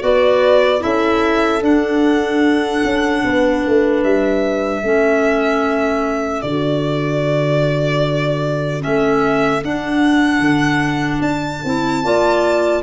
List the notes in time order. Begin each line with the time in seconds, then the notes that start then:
0.00 B3 F#4 B4 D5
0.79 C#4 E4 A4 E5
1.61 D4 F#5
2.83 C#4
3.24 B3 B4
3.66 A3
4.03 G3 E5
4.82 A3 C#4 A4
6.42 D3 F#4 D5
8.80 A3 C#4 E5
9.63 D4 F#5
10.39 D3
11.21 D4 A5
11.64 C4 E4
12.03 A#3 F4 D5